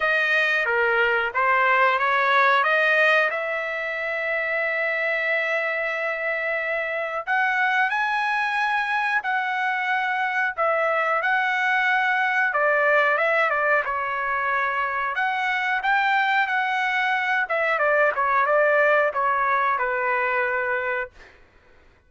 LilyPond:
\new Staff \with { instrumentName = "trumpet" } { \time 4/4 \tempo 4 = 91 dis''4 ais'4 c''4 cis''4 | dis''4 e''2.~ | e''2. fis''4 | gis''2 fis''2 |
e''4 fis''2 d''4 | e''8 d''8 cis''2 fis''4 | g''4 fis''4. e''8 d''8 cis''8 | d''4 cis''4 b'2 | }